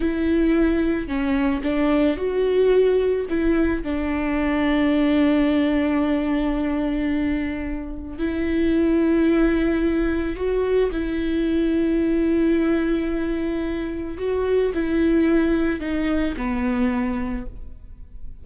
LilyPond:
\new Staff \with { instrumentName = "viola" } { \time 4/4 \tempo 4 = 110 e'2 cis'4 d'4 | fis'2 e'4 d'4~ | d'1~ | d'2. e'4~ |
e'2. fis'4 | e'1~ | e'2 fis'4 e'4~ | e'4 dis'4 b2 | }